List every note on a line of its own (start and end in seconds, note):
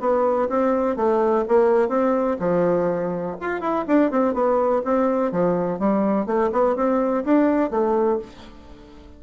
0.00 0.48 B3
0.49 0.96 C4
0.96 1.44 A3
1.48 1.88 A#3
1.88 2.37 C4
2.39 3.36 F3
3.40 3.60 F4
3.60 3.85 E4
3.87 4.11 D4
4.11 4.34 C4
4.34 4.82 B3
4.84 5.31 C4
5.31 5.79 F3
5.79 6.26 G3
6.26 6.50 A3
6.52 6.75 B3
6.75 7.24 C4
7.24 7.70 D4
7.70 8.19 A3